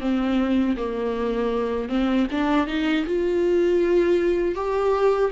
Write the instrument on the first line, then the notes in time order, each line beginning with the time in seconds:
viola
0.00 C4
0.77 A#3
1.89 C4
2.31 D4
2.67 D#4
3.06 F4
4.55 G4